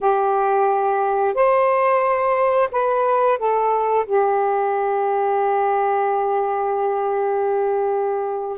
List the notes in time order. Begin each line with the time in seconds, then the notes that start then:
0.00 G4
1.34 C5
2.71 B4
3.38 A4
4.06 G4